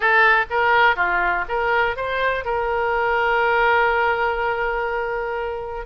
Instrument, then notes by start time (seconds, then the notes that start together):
oboe
0.00 A4
0.49 A#4
0.96 F4
1.48 A#4
1.96 C5
2.44 A#4